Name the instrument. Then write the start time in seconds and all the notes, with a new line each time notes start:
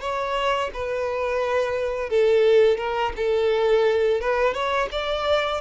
violin
0.00 C#5
0.73 B4
2.09 A4
2.77 A#4
3.16 A4
4.21 B4
4.53 C#5
4.91 D5